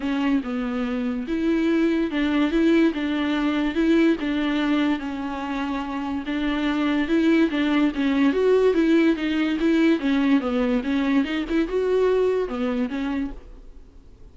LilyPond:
\new Staff \with { instrumentName = "viola" } { \time 4/4 \tempo 4 = 144 cis'4 b2 e'4~ | e'4 d'4 e'4 d'4~ | d'4 e'4 d'2 | cis'2. d'4~ |
d'4 e'4 d'4 cis'4 | fis'4 e'4 dis'4 e'4 | cis'4 b4 cis'4 dis'8 e'8 | fis'2 b4 cis'4 | }